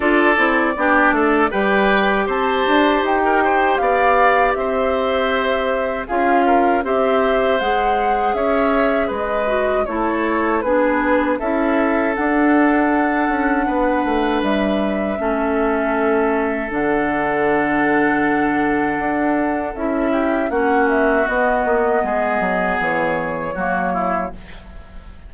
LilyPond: <<
  \new Staff \with { instrumentName = "flute" } { \time 4/4 \tempo 4 = 79 d''2 g''4 a''4 | g''4 f''4 e''2 | f''4 e''4 fis''4 e''4 | dis''4 cis''4 b'4 e''4 |
fis''2. e''4~ | e''2 fis''2~ | fis''2 e''4 fis''8 e''8 | dis''2 cis''2 | }
  \new Staff \with { instrumentName = "oboe" } { \time 4/4 a'4 g'8 a'8 b'4 c''4~ | c''16 ais'16 c''8 d''4 c''2 | gis'8 ais'8 c''2 cis''4 | b'4 a'4 gis'4 a'4~ |
a'2 b'2 | a'1~ | a'2~ a'8 g'8 fis'4~ | fis'4 gis'2 fis'8 e'8 | }
  \new Staff \with { instrumentName = "clarinet" } { \time 4/4 f'8 e'8 d'4 g'2~ | g'1 | f'4 g'4 gis'2~ | gis'8 fis'8 e'4 d'4 e'4 |
d'1 | cis'2 d'2~ | d'2 e'4 cis'4 | b2. ais4 | }
  \new Staff \with { instrumentName = "bassoon" } { \time 4/4 d'8 c'8 b8 a8 g4 c'8 d'8 | dis'4 b4 c'2 | cis'4 c'4 gis4 cis'4 | gis4 a4 b4 cis'4 |
d'4. cis'8 b8 a8 g4 | a2 d2~ | d4 d'4 cis'4 ais4 | b8 ais8 gis8 fis8 e4 fis4 | }
>>